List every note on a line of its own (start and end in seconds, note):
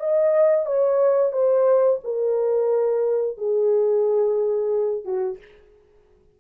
0.00 0.66 D#5
0.66 1.33 C#5
1.33 2.00 C5
2.04 3.38 A#4
3.38 5.05 G#4
5.05 5.39 F#4